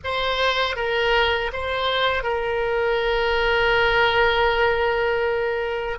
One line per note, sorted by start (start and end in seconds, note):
0.03 0.76 C5
0.76 1.51 A#4
1.52 2.23 C5
2.23 5.98 A#4